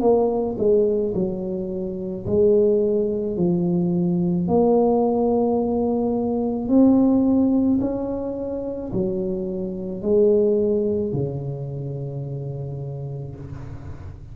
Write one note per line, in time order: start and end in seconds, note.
0.00 0.56 A#3
0.58 1.14 G#3
1.14 2.25 F#3
2.26 3.37 G#3
3.37 4.47 F3
4.47 6.68 A#3
6.68 7.79 C4
7.80 8.91 C#4
8.92 10.02 F#3
10.02 11.13 G#3
11.13 13.35 C#3